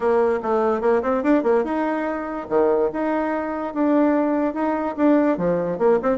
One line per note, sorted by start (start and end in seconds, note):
0.00 0.39 A#3
0.42 0.81 A3
0.81 1.02 A#3
1.02 1.23 C4
1.23 1.43 D4
1.43 1.63 A#3
1.64 2.47 D#4
2.49 2.90 D#3
2.92 3.74 D#4
3.74 4.53 D4
4.53 4.95 D#4
4.96 5.37 D4
5.37 5.78 F3
5.78 5.99 A#3
6.02 6.18 C4